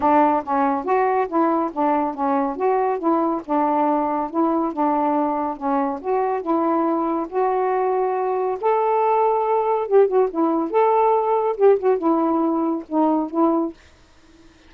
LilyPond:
\new Staff \with { instrumentName = "saxophone" } { \time 4/4 \tempo 4 = 140 d'4 cis'4 fis'4 e'4 | d'4 cis'4 fis'4 e'4 | d'2 e'4 d'4~ | d'4 cis'4 fis'4 e'4~ |
e'4 fis'2. | a'2. g'8 fis'8 | e'4 a'2 g'8 fis'8 | e'2 dis'4 e'4 | }